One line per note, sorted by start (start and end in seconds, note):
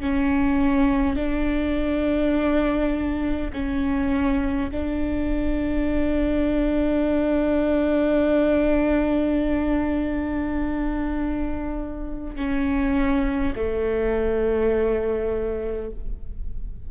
0.00 1.16 C#4
1.16 3.51 D4
3.52 4.70 C#4
4.71 12.35 D4
12.35 13.53 C#4
13.56 15.91 A3